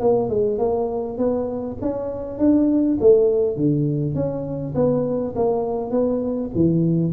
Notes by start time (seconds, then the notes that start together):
0.00 A#3
0.29 G#3
0.59 A#3
1.18 B3
1.82 C#4
2.39 D4
3.00 A3
3.56 D3
4.15 C#4
4.75 B3
5.36 A#3
5.91 B3
6.55 E3